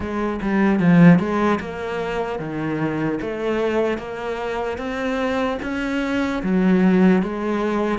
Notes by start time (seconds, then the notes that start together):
0.00 G#3
0.41 G3
0.79 F3
1.19 G#3
1.60 A#3
2.39 D#3
3.21 A3
3.98 A#3
4.77 C4
5.62 C#4
6.42 F#3
7.22 G#3